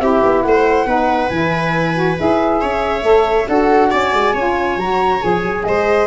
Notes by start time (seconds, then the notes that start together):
0.00 C4 E4 G4 E5
0.22 B3
0.42 A3 C5 F#5
0.86 B3 D#4 B4
1.29 E3 E4 G#5
1.95 F#4
2.18 E4 G#4 E5
2.61 C#4 C#5
3.02 A3 A4
3.48 D4 F#4 A4 F#5
3.91 C#4 D5 G#5
4.13 G#3
4.33 C#4 F4 C#5
4.77 F#3 F#4 A#5
5.21 F3 G#4 G#5
5.44 F#3
5.64 G#3 C5 D#5